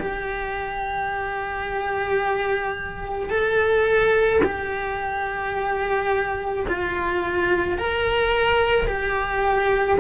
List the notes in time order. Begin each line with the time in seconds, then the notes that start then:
0.00 G4
3.30 A4
4.44 G4
6.69 F4
7.79 A#4
8.87 G4